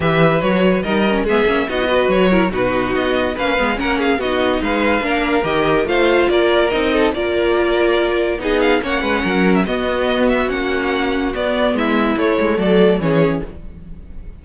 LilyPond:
<<
  \new Staff \with { instrumentName = "violin" } { \time 4/4 \tempo 4 = 143 e''4 cis''4 dis''4 e''4 | dis''4 cis''4 b'4 dis''4 | f''4 fis''8 f''8 dis''4 f''4~ | f''4 dis''4 f''4 d''4 |
dis''4 d''2. | dis''8 f''8 fis''4.~ fis''16 e''16 dis''4~ | dis''8 e''8 fis''2 d''4 | e''4 cis''4 d''4 cis''4 | }
  \new Staff \with { instrumentName = "violin" } { \time 4/4 b'2 ais'4 gis'4 | fis'8 b'4 ais'8 fis'2 | b'4 ais'8 gis'8 fis'4 b'4 | ais'2 c''4 ais'4~ |
ais'8 a'8 ais'2. | gis'4 cis''8 b'8 ais'4 fis'4~ | fis'1 | e'2 a'4 gis'4 | }
  \new Staff \with { instrumentName = "viola" } { \time 4/4 g'4 fis'4 dis'8 cis'8 b8 cis'8 | dis'16 e'16 fis'4 e'8 dis'2 | cis'8 b8 cis'4 dis'2 | d'4 g'4 f'2 |
dis'4 f'2. | dis'4 cis'2 b4~ | b4 cis'2 b4~ | b4 a2 cis'4 | }
  \new Staff \with { instrumentName = "cello" } { \time 4/4 e4 fis4 g4 gis8 ais8 | b4 fis4 b,4 b4 | ais8 gis8 ais4 b4 gis4 | ais4 dis4 a4 ais4 |
c'4 ais2. | b4 ais8 gis8 fis4 b4~ | b4 ais2 b4 | gis4 a8 gis8 fis4 e4 | }
>>